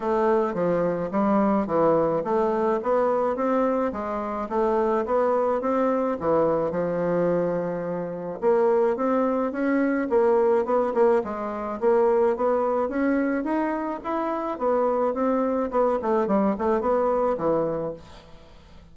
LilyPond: \new Staff \with { instrumentName = "bassoon" } { \time 4/4 \tempo 4 = 107 a4 f4 g4 e4 | a4 b4 c'4 gis4 | a4 b4 c'4 e4 | f2. ais4 |
c'4 cis'4 ais4 b8 ais8 | gis4 ais4 b4 cis'4 | dis'4 e'4 b4 c'4 | b8 a8 g8 a8 b4 e4 | }